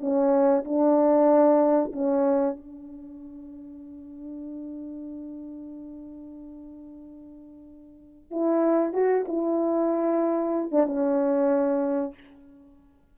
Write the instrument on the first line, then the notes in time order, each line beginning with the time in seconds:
horn
0.00 C#4
0.64 D4
1.92 C#4
2.56 D4
8.31 E4
8.93 F#4
9.28 E4
10.71 D4
10.86 C#4